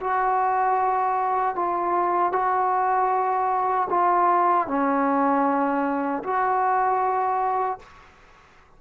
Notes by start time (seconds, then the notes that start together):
0.00 F#4
1.55 F4
2.32 F#4
3.89 F4
4.67 C#4
6.23 F#4